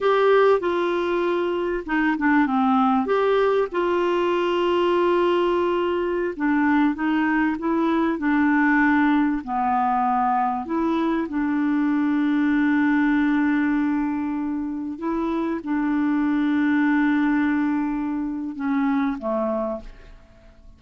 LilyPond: \new Staff \with { instrumentName = "clarinet" } { \time 4/4 \tempo 4 = 97 g'4 f'2 dis'8 d'8 | c'4 g'4 f'2~ | f'2~ f'16 d'4 dis'8.~ | dis'16 e'4 d'2 b8.~ |
b4~ b16 e'4 d'4.~ d'16~ | d'1~ | d'16 e'4 d'2~ d'8.~ | d'2 cis'4 a4 | }